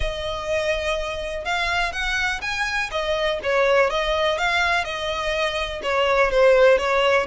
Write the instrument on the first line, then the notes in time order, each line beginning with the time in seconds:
violin
0.00 D#5
1.45 F5
1.92 F#5
2.41 G#5
2.91 D#5
3.43 C#5
3.90 D#5
4.38 F5
4.84 D#5
5.83 C#5
6.31 C5
6.78 C#5